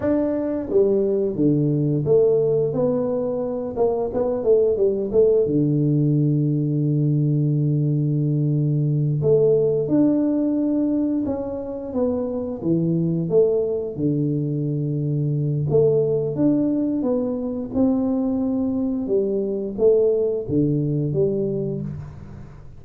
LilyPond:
\new Staff \with { instrumentName = "tuba" } { \time 4/4 \tempo 4 = 88 d'4 g4 d4 a4 | b4. ais8 b8 a8 g8 a8 | d1~ | d4. a4 d'4.~ |
d'8 cis'4 b4 e4 a8~ | a8 d2~ d8 a4 | d'4 b4 c'2 | g4 a4 d4 g4 | }